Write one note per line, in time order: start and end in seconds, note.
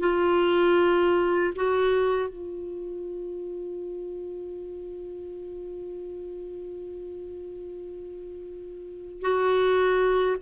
0.00 1.54 F4
1.56 2.30 F#4
2.30 9.22 F4
9.22 10.37 F#4